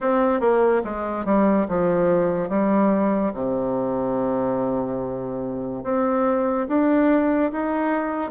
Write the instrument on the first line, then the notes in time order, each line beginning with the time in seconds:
bassoon
0.00 C4
0.40 A#3
0.84 G#3
1.25 G3
1.68 F3
2.49 G3
3.33 C3
5.83 C4
6.68 D4
7.52 D#4